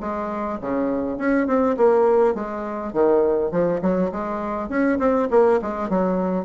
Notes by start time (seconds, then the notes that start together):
0.00 G#3
0.61 C#3
1.18 C#4
1.47 C4
1.77 A#3
2.34 G#3
2.93 D#3
3.51 F3
3.82 F#3
4.11 G#3
4.69 C#4
4.99 C4
5.31 A#3
5.62 G#3
5.89 F#3